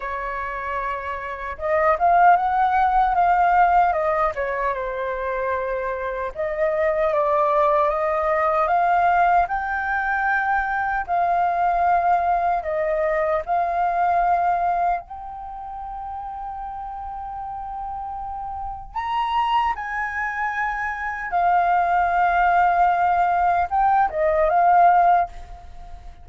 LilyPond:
\new Staff \with { instrumentName = "flute" } { \time 4/4 \tempo 4 = 76 cis''2 dis''8 f''8 fis''4 | f''4 dis''8 cis''8 c''2 | dis''4 d''4 dis''4 f''4 | g''2 f''2 |
dis''4 f''2 g''4~ | g''1 | ais''4 gis''2 f''4~ | f''2 g''8 dis''8 f''4 | }